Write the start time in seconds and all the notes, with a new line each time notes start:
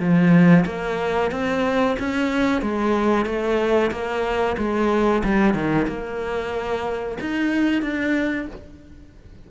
0.00 F3
0.66 A#3
1.32 C4
2.00 C#4
2.62 G#3
3.26 A3
3.92 A#3
4.58 G#3
5.24 G3
5.54 D#3
5.88 A#3
7.21 D#4
7.82 D4